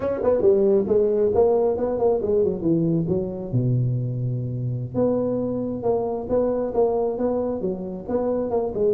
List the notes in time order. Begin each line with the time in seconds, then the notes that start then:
0.00 C#4
0.23 B3
0.41 G3
0.87 G#3
1.34 A#3
1.77 B3
1.98 A#3
2.21 G#3
2.44 F#3
2.61 E3
3.08 F#3
3.52 B2
4.95 B3
5.83 A#3
6.29 B3
6.74 A#3
7.18 B3
7.61 F#3
8.08 B3
8.50 A#3
8.74 G#3